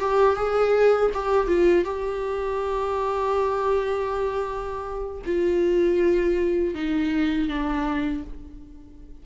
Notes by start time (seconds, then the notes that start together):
0.00 G4
0.36 G#4
1.14 G4
1.48 F4
1.85 G4
5.26 F4
6.75 D#4
7.49 D4